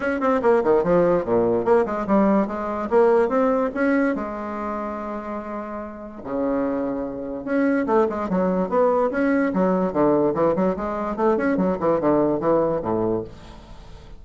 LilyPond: \new Staff \with { instrumentName = "bassoon" } { \time 4/4 \tempo 4 = 145 cis'8 c'8 ais8 dis8 f4 ais,4 | ais8 gis8 g4 gis4 ais4 | c'4 cis'4 gis2~ | gis2. cis4~ |
cis2 cis'4 a8 gis8 | fis4 b4 cis'4 fis4 | d4 e8 fis8 gis4 a8 cis'8 | fis8 e8 d4 e4 a,4 | }